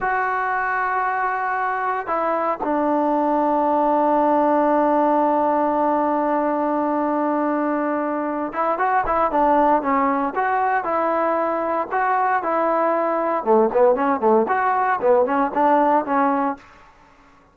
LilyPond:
\new Staff \with { instrumentName = "trombone" } { \time 4/4 \tempo 4 = 116 fis'1 | e'4 d'2.~ | d'1~ | d'1~ |
d'8 e'8 fis'8 e'8 d'4 cis'4 | fis'4 e'2 fis'4 | e'2 a8 b8 cis'8 a8 | fis'4 b8 cis'8 d'4 cis'4 | }